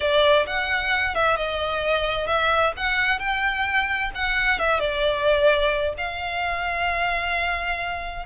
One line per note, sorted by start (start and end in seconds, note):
0.00 0.46 D5
0.47 1.14 F#5
1.14 1.36 E5
1.36 2.27 D#5
2.27 2.72 E5
2.76 3.19 F#5
3.19 4.11 G5
4.15 4.58 F#5
4.58 4.79 E5
4.79 5.94 D5
5.97 8.25 F5